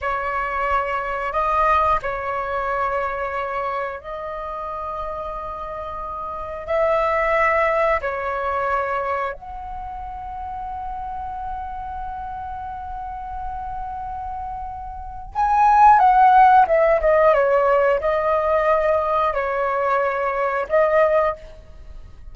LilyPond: \new Staff \with { instrumentName = "flute" } { \time 4/4 \tempo 4 = 90 cis''2 dis''4 cis''4~ | cis''2 dis''2~ | dis''2 e''2 | cis''2 fis''2~ |
fis''1~ | fis''2. gis''4 | fis''4 e''8 dis''8 cis''4 dis''4~ | dis''4 cis''2 dis''4 | }